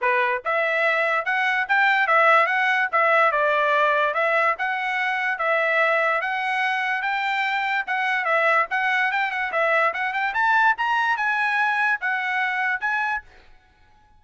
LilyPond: \new Staff \with { instrumentName = "trumpet" } { \time 4/4 \tempo 4 = 145 b'4 e''2 fis''4 | g''4 e''4 fis''4 e''4 | d''2 e''4 fis''4~ | fis''4 e''2 fis''4~ |
fis''4 g''2 fis''4 | e''4 fis''4 g''8 fis''8 e''4 | fis''8 g''8 a''4 ais''4 gis''4~ | gis''4 fis''2 gis''4 | }